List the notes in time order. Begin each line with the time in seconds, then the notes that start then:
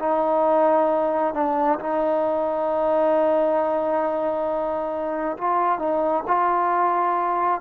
0.00 D#4
1.34 D4
1.80 D#4
5.38 F4
5.79 D#4
6.28 F4